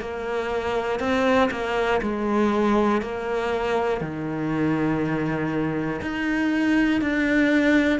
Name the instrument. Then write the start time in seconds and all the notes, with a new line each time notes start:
cello
0.00 A#3
0.99 C4
1.50 A#3
2.01 G#3
3.01 A#3
4.00 D#3
6.01 D#4
7.01 D4